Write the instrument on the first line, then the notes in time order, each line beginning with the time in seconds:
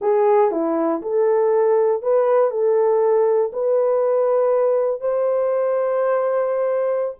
horn
0.01 G#4
0.51 E4
1.02 A4
2.02 B4
2.50 A4
3.52 B4
5.01 C5